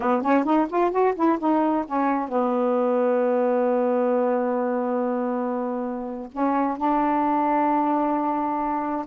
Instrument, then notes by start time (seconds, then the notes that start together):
saxophone
0.00 B3
0.22 C#4
0.44 D#4
0.69 F4
0.91 F#4
1.15 E4
1.38 D#4
1.86 C#4
2.28 B3
6.31 C#4
6.77 D4